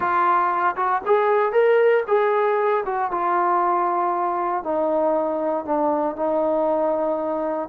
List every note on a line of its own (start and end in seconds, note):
0.00 0.75 F4
0.76 1.01 F#4
1.05 1.52 G#4
1.52 2.03 A#4
2.07 2.84 G#4
2.85 3.11 F#4
3.11 4.63 F4
4.63 5.65 D#4
5.65 6.15 D4
6.15 7.68 D#4